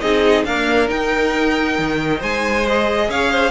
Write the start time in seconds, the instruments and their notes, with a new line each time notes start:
0.00 cello C4, viola D#4, violin G#4 D#5
0.44 viola A#3, cello D4, violin A#4 F5
0.87 viola D#4, cello D#4, violin G5
1.78 cello D#3
2.19 cello G#3, violin C5 G#5
2.66 viola G#4, violin D#5
3.08 cello C#4, violin C#5 F5
3.31 violin C5